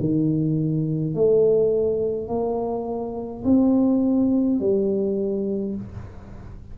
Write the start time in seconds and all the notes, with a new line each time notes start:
0.00 D#3
1.15 A3
2.28 A#3
3.45 C4
4.60 G3